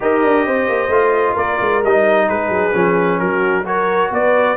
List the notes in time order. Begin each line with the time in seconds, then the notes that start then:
0.00 D#4 G4 A#4 D#5
0.23 D4
0.46 C4 C5
0.68 A#3
0.89 A3 F4
1.34 A#3 A#4 D5
1.61 G#3
1.84 G3 D#4 D#5
2.28 G#3 G#4 B4
2.49 F#3
2.73 F3 C#4
3.19 F#3 F#4 A#4
3.65 F#4 A#4 C#5
4.11 B3 B4 D5